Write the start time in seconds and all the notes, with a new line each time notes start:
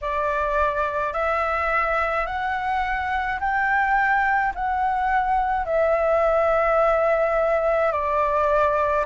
0.01 D5
1.13 E5
2.26 F#5
3.40 G5
4.54 F#5
5.66 E5
7.92 D5